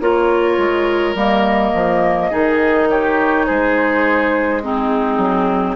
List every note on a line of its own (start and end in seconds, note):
0.00 0.58 A#3
0.00 1.16 F4
0.00 2.30 A#4
0.00 1.15 C#5
0.58 1.14 G#3
1.14 1.72 G3
1.14 2.31 A#3
1.14 2.89 D#5
1.74 2.32 F3
2.30 3.48 D#3
2.30 4.62 D#4
2.30 2.87 G#4
2.90 3.46 G4
2.90 3.46 C#5
3.46 5.17 G#3
3.46 4.62 G#4
3.46 4.62 C5
4.62 5.75 C4
4.62 5.75 D#4
4.62 5.75 G#4
5.17 5.75 F#3